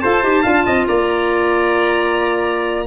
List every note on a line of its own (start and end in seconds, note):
0.00 0.22 F4
0.00 0.23 A4
0.00 0.42 C5
0.00 0.84 A5
0.22 0.43 D#4
0.22 0.44 G4
0.42 0.66 D4
0.42 2.85 F4
0.42 0.63 F5
0.65 0.87 C4
0.65 0.86 D#5
0.87 2.87 A#3
0.87 2.87 D5
0.87 2.86 A#5